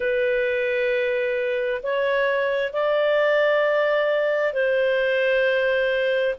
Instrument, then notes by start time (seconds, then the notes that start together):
clarinet
0.00 B4
1.83 C#5
2.72 D5
4.53 C5